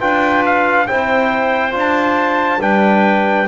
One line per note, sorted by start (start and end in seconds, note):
0.00 0.89 D4
0.00 0.87 F4
0.00 0.87 B4
0.00 0.44 G5
0.46 0.87 F5
0.87 1.75 C4
0.87 1.72 E4
0.87 2.61 C5
0.87 1.74 G5
1.72 2.60 D4
1.72 2.59 F4
1.79 2.62 A5
2.60 3.47 G3
2.60 3.47 D4
2.60 3.48 B4
2.60 3.49 G5